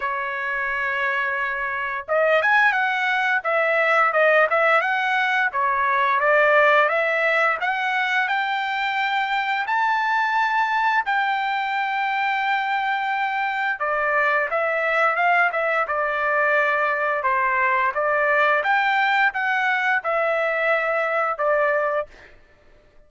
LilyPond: \new Staff \with { instrumentName = "trumpet" } { \time 4/4 \tempo 4 = 87 cis''2. dis''8 gis''8 | fis''4 e''4 dis''8 e''8 fis''4 | cis''4 d''4 e''4 fis''4 | g''2 a''2 |
g''1 | d''4 e''4 f''8 e''8 d''4~ | d''4 c''4 d''4 g''4 | fis''4 e''2 d''4 | }